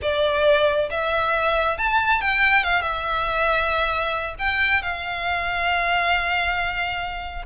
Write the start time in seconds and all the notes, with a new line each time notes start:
0.02 D5
0.90 E5
1.78 A5
2.21 G5
2.63 F5
2.81 E5
4.38 G5
4.82 F5